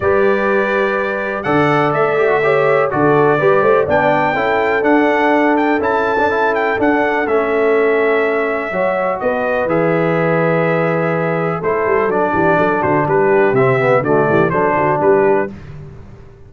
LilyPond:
<<
  \new Staff \with { instrumentName = "trumpet" } { \time 4/4 \tempo 4 = 124 d''2. fis''4 | e''2 d''2 | g''2 fis''4. g''8 | a''4. g''8 fis''4 e''4~ |
e''2. dis''4 | e''1 | c''4 d''4. c''8 b'4 | e''4 d''4 c''4 b'4 | }
  \new Staff \with { instrumentName = "horn" } { \time 4/4 b'2. d''4~ | d''4 cis''4 a'4 b'8 c''8 | d''4 a'2.~ | a'1~ |
a'2 cis''4 b'4~ | b'1 | a'4. g'8 a'8 fis'8 g'4~ | g'4 fis'8 g'8 a'8 fis'8 g'4 | }
  \new Staff \with { instrumentName = "trombone" } { \time 4/4 g'2. a'4~ | a'8 g'16 fis'16 g'4 fis'4 g'4 | d'4 e'4 d'2 | e'8. d'16 e'4 d'4 cis'4~ |
cis'2 fis'2 | gis'1 | e'4 d'2. | c'8 b8 a4 d'2 | }
  \new Staff \with { instrumentName = "tuba" } { \time 4/4 g2. d4 | a2 d4 g8 a8 | b4 cis'4 d'2 | cis'2 d'4 a4~ |
a2 fis4 b4 | e1 | a8 g8 fis8 e8 fis8 d8 g4 | c4 d8 e8 fis8 d8 g4 | }
>>